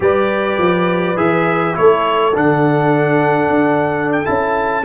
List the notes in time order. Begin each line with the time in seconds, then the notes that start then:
0.00 G3 G4 B4 D5
0.58 F3
1.16 E3 G#4 E5
1.74 A3 E4 A4 C#5
2.34 D3 D4 F#5
3.50 D4
4.12 G5
4.25 C#4 E4 A5